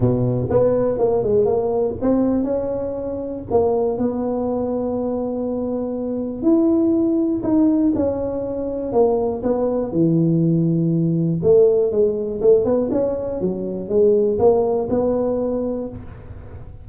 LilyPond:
\new Staff \with { instrumentName = "tuba" } { \time 4/4 \tempo 4 = 121 b,4 b4 ais8 gis8 ais4 | c'4 cis'2 ais4 | b1~ | b4 e'2 dis'4 |
cis'2 ais4 b4 | e2. a4 | gis4 a8 b8 cis'4 fis4 | gis4 ais4 b2 | }